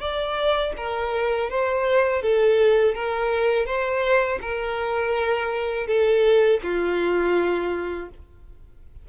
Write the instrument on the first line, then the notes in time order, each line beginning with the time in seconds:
violin
0.00 D5
0.77 A#4
1.50 C5
2.22 A4
2.95 A#4
3.66 C5
4.41 A#4
5.87 A4
6.63 F4